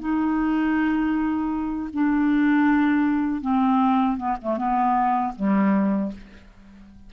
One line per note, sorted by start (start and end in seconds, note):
0.00 1.90 D#4
1.94 3.41 D4
3.41 4.17 C4
4.17 4.36 B3
4.42 4.57 A3
4.57 5.33 B3
5.36 6.12 G3